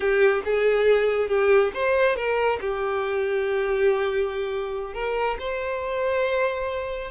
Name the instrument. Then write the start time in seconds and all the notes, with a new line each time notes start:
violin
0.00 G4
0.44 G#4
1.28 G4
1.74 C5
2.16 A#4
2.60 G4
4.93 A#4
5.39 C5